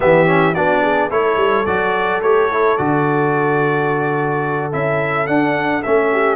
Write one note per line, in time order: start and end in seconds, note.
0.00 0.56 E3
0.00 0.26 B3
0.00 0.54 G4
0.00 0.54 E5
0.26 0.54 C#4
0.54 1.11 B3
0.54 1.10 D4
0.54 0.82 F#4
0.54 1.10 D5
0.82 1.09 G#4
1.09 1.37 A3
1.09 1.66 E4
1.09 6.09 A4
1.09 1.65 C#5
1.37 1.64 G3
1.65 2.22 F#3
1.65 2.22 F#4
1.65 2.21 D5
2.22 2.77 A3
2.22 2.51 G4
2.22 2.77 C#5
2.51 2.78 E4
2.77 4.73 D3
2.77 4.72 F#4
2.77 4.71 D5
4.72 5.28 C#4
4.72 5.27 E4
4.72 5.27 E5
5.27 5.83 D4
5.27 5.82 F#5
5.83 6.36 A3
5.83 6.36 C#4
5.83 6.36 E5
6.12 6.36 G4